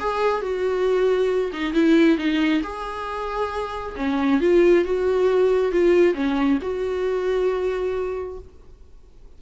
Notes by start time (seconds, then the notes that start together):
0.00 G#4
0.42 F#4
1.53 D#4
1.74 E4
2.18 D#4
2.63 G#4
3.97 C#4
4.41 F4
4.85 F#4
5.72 F4
6.15 C#4
6.62 F#4